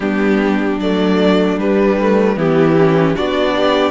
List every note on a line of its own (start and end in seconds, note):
0.00 0.78 G3
0.00 0.79 B3
0.00 2.36 D4
0.00 0.79 G4
0.78 1.57 F#3
0.78 1.59 A3
0.78 1.59 D5
1.57 2.36 G3
1.57 1.99 G3
1.57 2.38 B4
2.00 2.36 A3
2.36 3.15 E3
2.36 2.75 B3
2.36 3.14 E4
2.36 3.16 G4
2.78 3.15 C#4
3.14 3.91 B3
3.14 3.91 D4
3.14 3.53 F#4
3.14 3.91 D5
3.55 3.91 G4